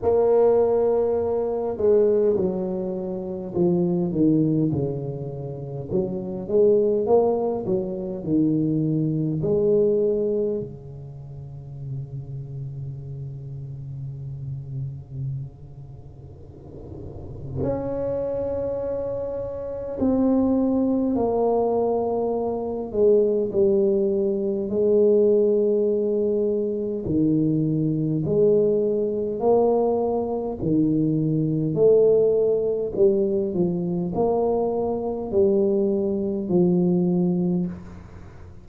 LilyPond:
\new Staff \with { instrumentName = "tuba" } { \time 4/4 \tempo 4 = 51 ais4. gis8 fis4 f8 dis8 | cis4 fis8 gis8 ais8 fis8 dis4 | gis4 cis2.~ | cis2. cis'4~ |
cis'4 c'4 ais4. gis8 | g4 gis2 dis4 | gis4 ais4 dis4 a4 | g8 f8 ais4 g4 f4 | }